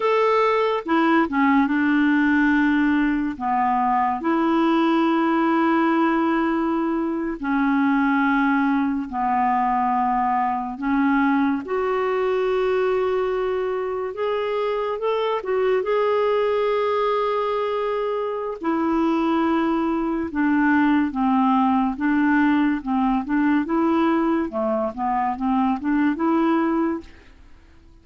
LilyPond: \new Staff \with { instrumentName = "clarinet" } { \time 4/4 \tempo 4 = 71 a'4 e'8 cis'8 d'2 | b4 e'2.~ | e'8. cis'2 b4~ b16~ | b8. cis'4 fis'2~ fis'16~ |
fis'8. gis'4 a'8 fis'8 gis'4~ gis'16~ | gis'2 e'2 | d'4 c'4 d'4 c'8 d'8 | e'4 a8 b8 c'8 d'8 e'4 | }